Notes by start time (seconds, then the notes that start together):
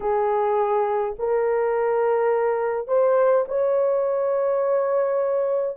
0.00 G#4
1.19 A#4
2.87 C5
3.48 C#5